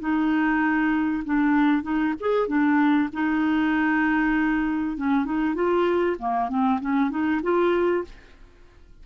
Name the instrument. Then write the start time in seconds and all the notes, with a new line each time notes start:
clarinet
0.00 D#4
1.25 D4
1.83 D#4
2.20 G#4
2.47 D4
3.13 D#4
4.97 C#4
5.25 D#4
5.55 F4
6.19 A#3
6.49 C4
6.81 C#4
7.10 D#4
7.43 F4